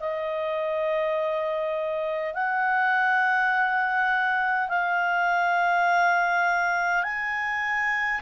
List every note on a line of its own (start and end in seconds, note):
0.00 2.34 D#5
2.34 4.68 F#5
4.68 7.03 F5
7.03 8.20 G#5